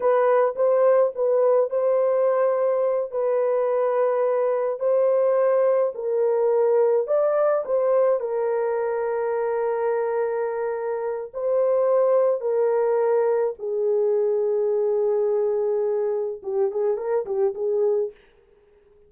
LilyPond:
\new Staff \with { instrumentName = "horn" } { \time 4/4 \tempo 4 = 106 b'4 c''4 b'4 c''4~ | c''4. b'2~ b'8~ | b'8 c''2 ais'4.~ | ais'8 d''4 c''4 ais'4.~ |
ais'1 | c''2 ais'2 | gis'1~ | gis'4 g'8 gis'8 ais'8 g'8 gis'4 | }